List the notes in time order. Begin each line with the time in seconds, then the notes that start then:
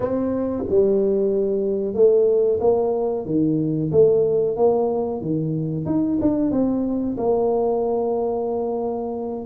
0.00 C4
0.68 G3
1.94 A3
2.60 A#3
3.25 D#3
3.91 A3
4.56 A#3
5.21 D#3
5.85 D#4
6.21 D4
6.51 C4
7.17 A#3